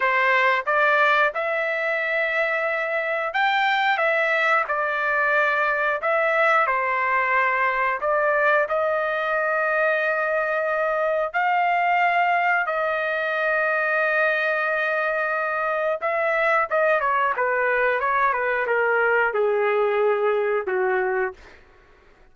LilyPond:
\new Staff \with { instrumentName = "trumpet" } { \time 4/4 \tempo 4 = 90 c''4 d''4 e''2~ | e''4 g''4 e''4 d''4~ | d''4 e''4 c''2 | d''4 dis''2.~ |
dis''4 f''2 dis''4~ | dis''1 | e''4 dis''8 cis''8 b'4 cis''8 b'8 | ais'4 gis'2 fis'4 | }